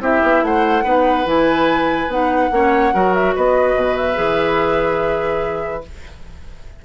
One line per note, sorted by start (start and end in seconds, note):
0.00 0.21 C4
0.00 0.84 E4
0.00 0.44 G4
0.00 0.44 E5
0.22 0.42 B3
0.42 0.84 A3
0.42 0.84 C5
0.42 1.28 F#5
0.84 1.25 B3
0.84 1.25 D#4
0.84 2.50 B4
1.25 2.07 E3
1.25 2.08 E4
1.25 2.11 G#5
2.07 2.49 B3
2.07 2.51 D#4
2.07 3.14 F#5
2.51 2.93 A#3
2.51 2.93 C#4
2.51 2.93 C#5
2.93 3.36 F#3
2.93 4.14 F#4
2.93 3.35 A#4
3.14 3.35 E5
3.35 3.75 B3
3.35 5.85 B4
3.35 3.97 D#5
3.75 4.17 B2
3.97 5.84 E5
4.14 5.84 E3
4.14 5.81 G#4